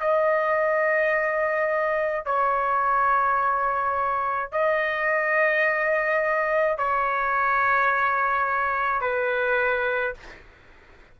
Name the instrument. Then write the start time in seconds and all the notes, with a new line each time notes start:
trumpet
0.00 D#5
2.25 C#5
4.52 D#5
6.78 C#5
9.01 B4